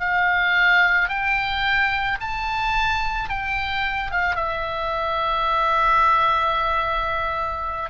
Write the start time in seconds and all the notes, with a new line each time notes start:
0.00 F5
1.10 G5
2.21 A5
3.30 G5
4.12 F5
4.36 E5